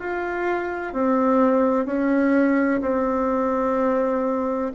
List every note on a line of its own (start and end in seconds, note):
0.00 0.94 F4
0.94 1.86 C4
1.86 2.81 C#4
2.81 4.72 C4